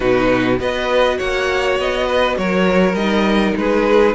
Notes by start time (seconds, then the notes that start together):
0.00 B2 D#4 F#4 B4
0.58 B3 F#4 B4 D#5
1.18 A#3 C#5 F#5
1.78 B3 D#5
2.06 B4
2.37 F#3 A#4 C#5
2.93 G3 D#4 D#5
3.56 G#3 G#4 B4